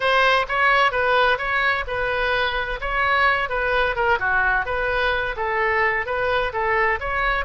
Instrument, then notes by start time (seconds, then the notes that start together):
oboe
0.00 C5
0.48 C#5
0.91 B4
1.38 C#5
1.87 B4
2.80 C#5
3.49 B4
3.95 A#4
4.19 F#4
4.65 B4
5.36 A4
6.05 B4
6.52 A4
7.00 C#5